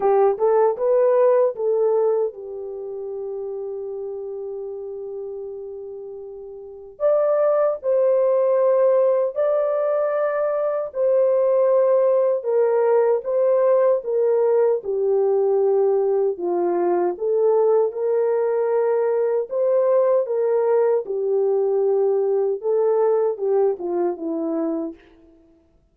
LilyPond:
\new Staff \with { instrumentName = "horn" } { \time 4/4 \tempo 4 = 77 g'8 a'8 b'4 a'4 g'4~ | g'1~ | g'4 d''4 c''2 | d''2 c''2 |
ais'4 c''4 ais'4 g'4~ | g'4 f'4 a'4 ais'4~ | ais'4 c''4 ais'4 g'4~ | g'4 a'4 g'8 f'8 e'4 | }